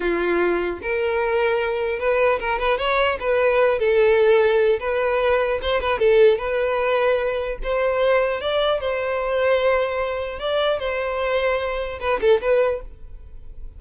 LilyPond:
\new Staff \with { instrumentName = "violin" } { \time 4/4 \tempo 4 = 150 f'2 ais'2~ | ais'4 b'4 ais'8 b'8 cis''4 | b'4. a'2~ a'8 | b'2 c''8 b'8 a'4 |
b'2. c''4~ | c''4 d''4 c''2~ | c''2 d''4 c''4~ | c''2 b'8 a'8 b'4 | }